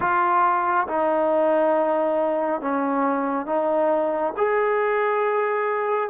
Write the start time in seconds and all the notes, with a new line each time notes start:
0.00 F4
0.87 D#4
2.61 C#4
3.46 D#4
4.37 G#4